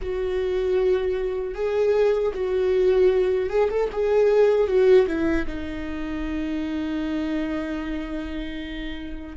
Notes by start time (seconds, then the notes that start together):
0.01 F#4
1.54 G#4
2.33 F#4
3.49 G#4
3.69 A4
3.92 G#4
4.67 F#4
5.07 E4
5.46 D#4